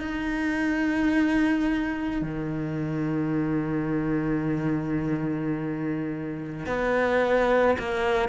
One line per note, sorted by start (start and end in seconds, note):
0.00 2.22 D#4
2.22 6.67 D#3
6.67 7.78 B3
7.79 8.29 A#3